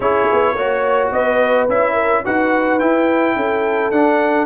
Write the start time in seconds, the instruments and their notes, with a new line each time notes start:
0.00 tuba C#4, trombone E4, horn G#4, trumpet C#5
0.32 tuba B3
0.53 tuba A#3, trombone F#4, horn C#5
1.11 tuba B3, horn B4, trumpet D#5
1.68 tuba C#4, trombone E4, trumpet E5
1.93 horn A#4
2.24 tuba D#4, trombone F#4, horn B4, trumpet F#5
2.79 trombone E4, tuba E4, trumpet G5
3.35 tuba C#4, horn A4
3.91 tuba D4, trombone D4, trumpet F#5